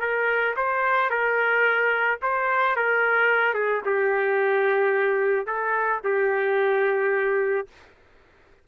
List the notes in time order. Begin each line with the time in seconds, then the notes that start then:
0.00 A#4
0.56 C5
1.10 A#4
2.22 C5
2.76 A#4
3.54 G#4
3.85 G4
5.46 A4
6.04 G4